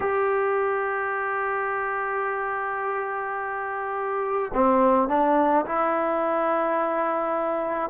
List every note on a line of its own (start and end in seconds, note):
0.00 4.51 G4
4.53 5.08 C4
5.08 5.64 D4
5.65 7.90 E4